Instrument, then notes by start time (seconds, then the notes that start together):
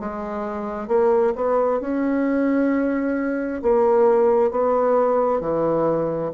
bassoon
0.00 G#3
0.88 A#3
1.36 B3
1.81 C#4
3.62 A#3
4.51 B3
5.41 E3